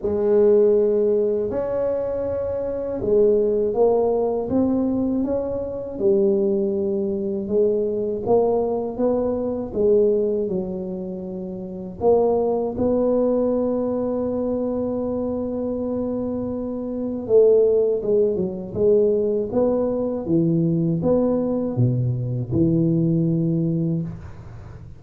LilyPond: \new Staff \with { instrumentName = "tuba" } { \time 4/4 \tempo 4 = 80 gis2 cis'2 | gis4 ais4 c'4 cis'4 | g2 gis4 ais4 | b4 gis4 fis2 |
ais4 b2.~ | b2. a4 | gis8 fis8 gis4 b4 e4 | b4 b,4 e2 | }